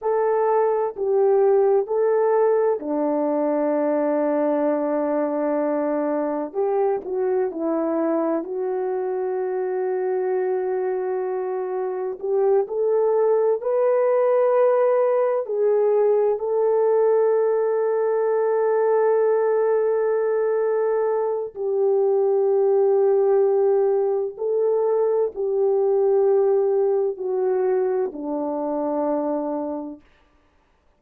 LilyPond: \new Staff \with { instrumentName = "horn" } { \time 4/4 \tempo 4 = 64 a'4 g'4 a'4 d'4~ | d'2. g'8 fis'8 | e'4 fis'2.~ | fis'4 g'8 a'4 b'4.~ |
b'8 gis'4 a'2~ a'8~ | a'2. g'4~ | g'2 a'4 g'4~ | g'4 fis'4 d'2 | }